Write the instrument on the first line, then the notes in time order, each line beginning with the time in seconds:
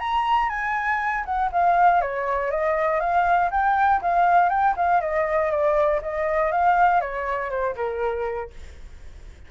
flute
0.00 A#5
0.50 G#5
1.25 F#5
1.52 F5
2.01 C#5
2.51 D#5
3.00 F5
3.51 G5
4.02 F5
4.50 G5
4.77 F5
5.01 D#5
5.51 D5
6.02 D#5
6.52 F5
7.01 C#5
7.50 C5
7.76 A#4